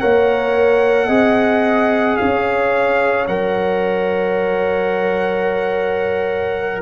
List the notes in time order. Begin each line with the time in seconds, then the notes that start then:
0.00 A#3 A#4 C#5 F#5
1.07 C4 G#4 D#5
2.17 C#4 C#5 F5
3.27 F#3 A#4 F#5